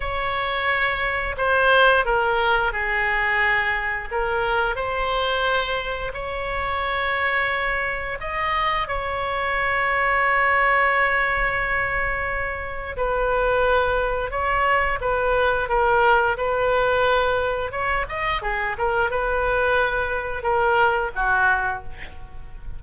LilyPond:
\new Staff \with { instrumentName = "oboe" } { \time 4/4 \tempo 4 = 88 cis''2 c''4 ais'4 | gis'2 ais'4 c''4~ | c''4 cis''2. | dis''4 cis''2.~ |
cis''2. b'4~ | b'4 cis''4 b'4 ais'4 | b'2 cis''8 dis''8 gis'8 ais'8 | b'2 ais'4 fis'4 | }